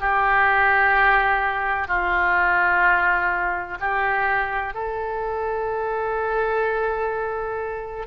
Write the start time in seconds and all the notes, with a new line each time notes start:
0.00 G4
1.87 F4
3.80 G4
4.74 A4